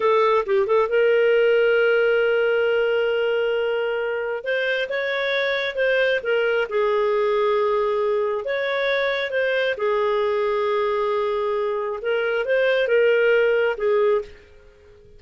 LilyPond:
\new Staff \with { instrumentName = "clarinet" } { \time 4/4 \tempo 4 = 135 a'4 g'8 a'8 ais'2~ | ais'1~ | ais'2 c''4 cis''4~ | cis''4 c''4 ais'4 gis'4~ |
gis'2. cis''4~ | cis''4 c''4 gis'2~ | gis'2. ais'4 | c''4 ais'2 gis'4 | }